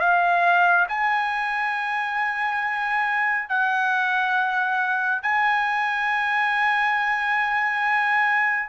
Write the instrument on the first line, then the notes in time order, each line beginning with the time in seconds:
trumpet
0.00 F5
0.89 G#5
3.49 F#5
5.23 G#5